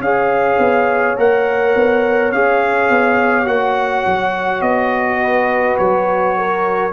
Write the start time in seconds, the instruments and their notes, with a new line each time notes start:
0.00 tuba C#4, trombone G#4, horn C#5, trumpet F5
0.59 tuba B3
1.17 tuba A#3, trombone A#4, trumpet F#5
1.76 tuba B3
2.32 tuba C#4, trombone G#4, trumpet F5
2.90 tuba B3
3.45 tuba A#3, trombone F#4, trumpet F#5
4.06 tuba F#3
4.62 tuba B3, trumpet D#5
5.23 horn B4
5.78 tuba F#3, trumpet C#5
6.37 horn A#4